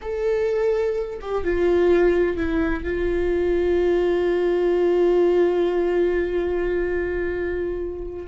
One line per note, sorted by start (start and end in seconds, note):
0.01 1.19 A4
1.21 1.43 G4
1.43 2.36 F4
2.36 2.83 E4
2.83 8.27 F4